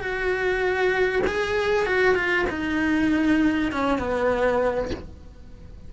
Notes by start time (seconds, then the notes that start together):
0.00 F#4
1.27 G#4
1.86 F#4
2.15 F4
2.50 D#4
3.72 C#4
3.99 B3